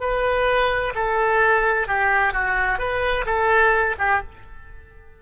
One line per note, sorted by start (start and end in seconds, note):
0.00 0.93 B4
0.95 1.88 A4
1.88 2.33 G4
2.33 2.78 F#4
2.78 3.25 B4
3.26 3.96 A4
3.98 4.22 G4